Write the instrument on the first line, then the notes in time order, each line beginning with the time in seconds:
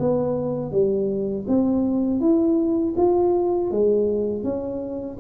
tuba
0.00 B3
0.72 G3
1.48 C4
2.21 E4
2.97 F4
3.71 G#3
4.44 C#4